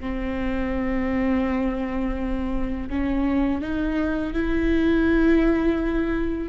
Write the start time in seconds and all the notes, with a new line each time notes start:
0.00 C4
2.89 C#4
3.62 D#4
4.33 E4